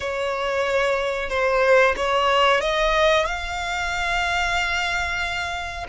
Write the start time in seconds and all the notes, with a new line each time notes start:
0.00 C#5
1.29 C5
1.96 C#5
2.61 D#5
3.25 F5